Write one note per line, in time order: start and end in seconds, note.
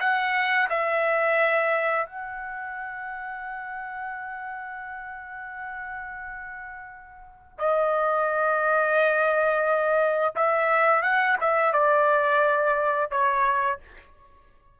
0.00 0.69 F#5
0.70 2.06 E5
2.06 7.58 F#5
7.59 10.34 D#5
10.35 11.02 E5
11.02 11.37 F#5
11.40 11.73 E5
11.73 13.11 D5
13.11 13.80 C#5